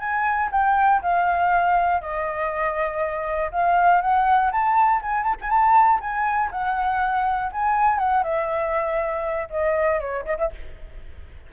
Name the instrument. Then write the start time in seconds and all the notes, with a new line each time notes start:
flute
0.00 G#5
0.52 G5
1.02 F5
2.01 D#5
3.52 F5
4.01 F#5
4.52 A5
5.02 G#5
5.23 A5
5.42 G#5
5.50 A5
6.01 G#5
6.51 F#5
7.52 G#5
7.99 F#5
8.23 E5
9.50 D#5
10.00 C#5
10.25 D#5
10.38 E5